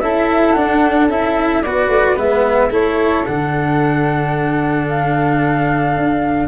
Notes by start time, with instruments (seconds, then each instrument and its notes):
0.00 tuba C#4, cello E4, flute A4 E5
0.52 tuba D4, cello D4, flute F#5
1.08 tuba C#4, cello E4, flute E5
1.62 tuba B3, cello F#4, flute B4 D5
1.88 tuba A3
2.16 tuba G#3, cello B3, flute E5
2.70 tuba A3, cello E4, flute A4 C#5
3.25 tuba D3, cello D4, flute F#5
4.88 flute F5
5.97 tuba D4